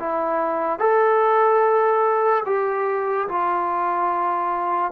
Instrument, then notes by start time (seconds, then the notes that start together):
trombone
0.00 E4
0.80 A4
2.46 G4
3.29 F4